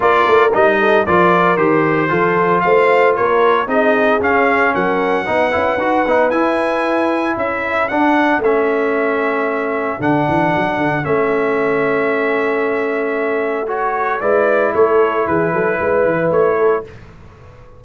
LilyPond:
<<
  \new Staff \with { instrumentName = "trumpet" } { \time 4/4 \tempo 4 = 114 d''4 dis''4 d''4 c''4~ | c''4 f''4 cis''4 dis''4 | f''4 fis''2. | gis''2 e''4 fis''4 |
e''2. fis''4~ | fis''4 e''2.~ | e''2 cis''4 d''4 | cis''4 b'2 cis''4 | }
  \new Staff \with { instrumentName = "horn" } { \time 4/4 ais'4. a'8 ais'2 | a'4 c''4 ais'4 gis'4~ | gis'4 ais'4 b'2~ | b'2 a'2~ |
a'1~ | a'1~ | a'2. b'4 | a'4 gis'8 a'8 b'4. a'8 | }
  \new Staff \with { instrumentName = "trombone" } { \time 4/4 f'4 dis'4 f'4 g'4 | f'2. dis'4 | cis'2 dis'8 e'8 fis'8 dis'8 | e'2. d'4 |
cis'2. d'4~ | d'4 cis'2.~ | cis'2 fis'4 e'4~ | e'1 | }
  \new Staff \with { instrumentName = "tuba" } { \time 4/4 ais8 a8 g4 f4 dis4 | f4 a4 ais4 c'4 | cis'4 fis4 b8 cis'8 dis'8 b8 | e'2 cis'4 d'4 |
a2. d8 e8 | fis8 d8 a2.~ | a2. gis4 | a4 e8 fis8 gis8 e8 a4 | }
>>